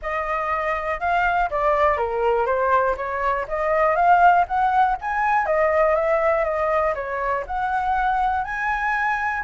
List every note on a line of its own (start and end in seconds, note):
0.02 1.00 D#5
1.00 1.49 F5
1.50 1.97 D5
1.97 2.46 A#4
2.46 2.95 C5
2.96 3.46 C#5
3.48 3.95 D#5
3.95 4.45 F5
4.47 4.97 F#5
5.01 5.46 G#5
5.46 5.95 D#5
5.95 6.44 E5
6.44 6.94 D#5
6.94 7.44 C#5
7.47 8.44 F#5
8.44 9.43 G#5